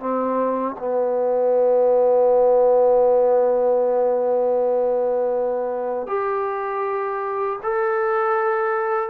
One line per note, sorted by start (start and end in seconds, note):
0.00 0.76 C4
0.79 6.07 B3
6.07 7.59 G4
7.63 9.10 A4